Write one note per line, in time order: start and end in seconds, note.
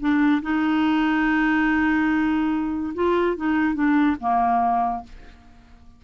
0.00 0.42 D4
0.42 2.94 D#4
2.95 3.37 F4
3.37 3.75 D#4
3.75 4.17 D4
4.20 5.04 A#3